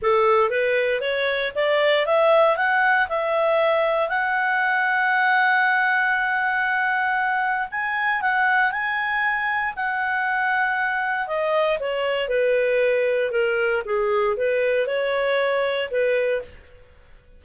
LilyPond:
\new Staff \with { instrumentName = "clarinet" } { \time 4/4 \tempo 4 = 117 a'4 b'4 cis''4 d''4 | e''4 fis''4 e''2 | fis''1~ | fis''2. gis''4 |
fis''4 gis''2 fis''4~ | fis''2 dis''4 cis''4 | b'2 ais'4 gis'4 | b'4 cis''2 b'4 | }